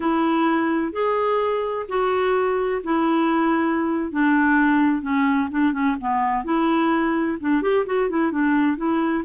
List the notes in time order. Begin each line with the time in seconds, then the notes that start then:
0.00 E4
0.92 G#4
1.88 F#4
2.83 E4
4.11 D4
5.02 C#4
5.50 D4
5.72 C#4
6.00 B3
6.44 E4
7.40 D4
7.62 G4
7.86 F#4
8.09 E4
8.31 D4
8.77 E4